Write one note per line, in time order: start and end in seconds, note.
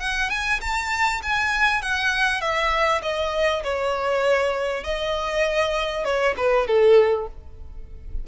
0.00 0.30 F#5
0.30 0.61 G#5
0.61 1.22 A5
1.23 1.82 G#5
1.82 2.41 F#5
2.41 3.02 E5
3.03 3.63 D#5
3.64 4.84 C#5
4.84 6.05 D#5
6.05 6.35 C#5
6.37 6.67 B4
6.67 7.28 A4